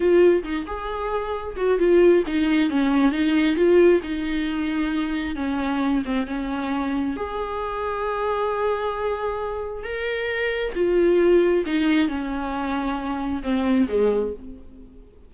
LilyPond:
\new Staff \with { instrumentName = "viola" } { \time 4/4 \tempo 4 = 134 f'4 dis'8 gis'2 fis'8 | f'4 dis'4 cis'4 dis'4 | f'4 dis'2. | cis'4. c'8 cis'2 |
gis'1~ | gis'2 ais'2 | f'2 dis'4 cis'4~ | cis'2 c'4 gis4 | }